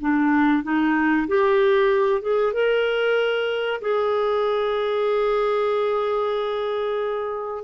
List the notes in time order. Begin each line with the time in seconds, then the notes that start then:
0.00 D4
0.63 D#4
1.28 G4
2.22 G#4
2.53 A#4
3.81 G#4